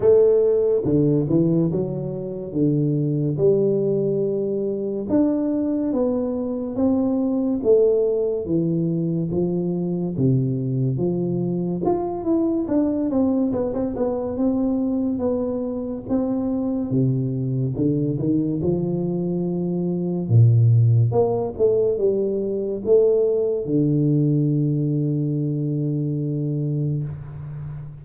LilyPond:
\new Staff \with { instrumentName = "tuba" } { \time 4/4 \tempo 4 = 71 a4 d8 e8 fis4 d4 | g2 d'4 b4 | c'4 a4 e4 f4 | c4 f4 f'8 e'8 d'8 c'8 |
b16 c'16 b8 c'4 b4 c'4 | c4 d8 dis8 f2 | ais,4 ais8 a8 g4 a4 | d1 | }